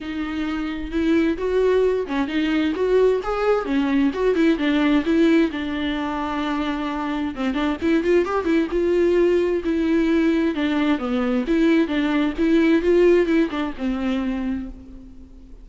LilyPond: \new Staff \with { instrumentName = "viola" } { \time 4/4 \tempo 4 = 131 dis'2 e'4 fis'4~ | fis'8 cis'8 dis'4 fis'4 gis'4 | cis'4 fis'8 e'8 d'4 e'4 | d'1 |
c'8 d'8 e'8 f'8 g'8 e'8 f'4~ | f'4 e'2 d'4 | b4 e'4 d'4 e'4 | f'4 e'8 d'8 c'2 | }